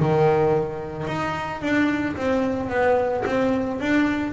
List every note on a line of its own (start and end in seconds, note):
0.00 1.07 D#3
1.07 1.62 D#4
1.62 2.16 D4
2.17 2.70 C4
2.70 3.25 B3
3.26 3.81 C4
3.81 4.33 D4